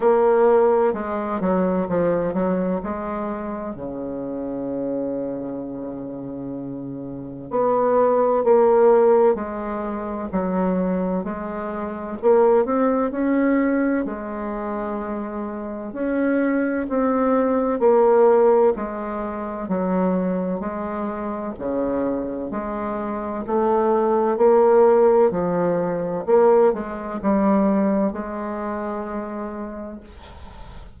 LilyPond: \new Staff \with { instrumentName = "bassoon" } { \time 4/4 \tempo 4 = 64 ais4 gis8 fis8 f8 fis8 gis4 | cis1 | b4 ais4 gis4 fis4 | gis4 ais8 c'8 cis'4 gis4~ |
gis4 cis'4 c'4 ais4 | gis4 fis4 gis4 cis4 | gis4 a4 ais4 f4 | ais8 gis8 g4 gis2 | }